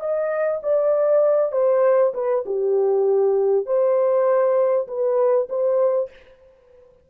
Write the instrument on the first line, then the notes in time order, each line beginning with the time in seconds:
horn
0.00 D#5
0.63 D5
1.52 C5
2.14 B4
2.45 G4
3.66 C5
4.88 B4
5.49 C5